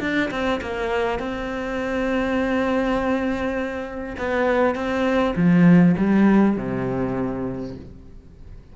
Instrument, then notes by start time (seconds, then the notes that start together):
cello
0.00 D4
0.31 C4
0.61 A#3
1.19 C4
4.18 B3
4.75 C4
5.36 F3
5.97 G3
6.57 C3